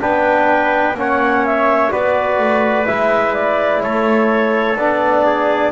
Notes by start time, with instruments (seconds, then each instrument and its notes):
0.00 double bass B3, trombone D4, trumpet B4, clarinet G5
0.94 double bass A#3, trombone C#4, trumpet C#5, clarinet F#5
1.46 clarinet E5
1.91 double bass B3, trombone F#4, trumpet B4, clarinet D5
2.39 double bass A3
2.86 double bass G#3, trombone E4, clarinet E5
3.34 clarinet D5
3.82 double bass A3, trumpet A4, clarinet C#5
4.77 double bass B3, trombone D4, clarinet D5
5.26 trumpet G#4